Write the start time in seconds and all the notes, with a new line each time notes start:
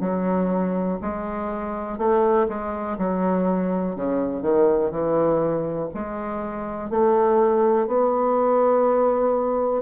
0.00 F#3
1.01 G#3
1.98 A3
2.48 G#3
2.98 F#3
3.96 C#3
4.42 D#3
4.90 E3
5.94 G#3
6.90 A3
7.87 B3